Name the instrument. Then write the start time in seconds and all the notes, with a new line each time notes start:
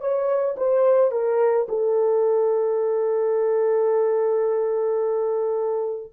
horn
0.00 C#5
0.57 C5
1.11 A#4
1.68 A4